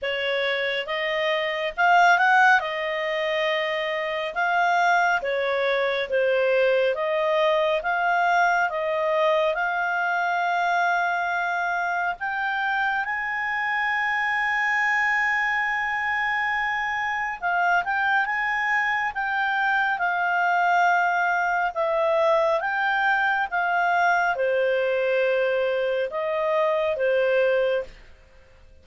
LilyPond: \new Staff \with { instrumentName = "clarinet" } { \time 4/4 \tempo 4 = 69 cis''4 dis''4 f''8 fis''8 dis''4~ | dis''4 f''4 cis''4 c''4 | dis''4 f''4 dis''4 f''4~ | f''2 g''4 gis''4~ |
gis''1 | f''8 g''8 gis''4 g''4 f''4~ | f''4 e''4 g''4 f''4 | c''2 dis''4 c''4 | }